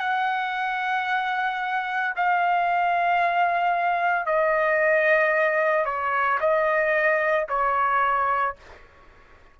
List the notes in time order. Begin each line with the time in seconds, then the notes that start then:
0.00 F#5
2.16 F5
4.26 D#5
5.85 C#5
6.40 D#5
7.49 C#5